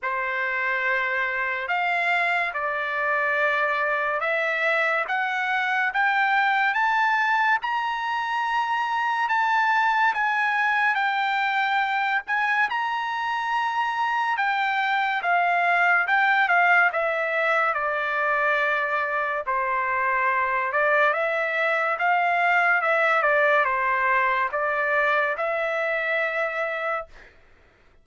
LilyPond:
\new Staff \with { instrumentName = "trumpet" } { \time 4/4 \tempo 4 = 71 c''2 f''4 d''4~ | d''4 e''4 fis''4 g''4 | a''4 ais''2 a''4 | gis''4 g''4. gis''8 ais''4~ |
ais''4 g''4 f''4 g''8 f''8 | e''4 d''2 c''4~ | c''8 d''8 e''4 f''4 e''8 d''8 | c''4 d''4 e''2 | }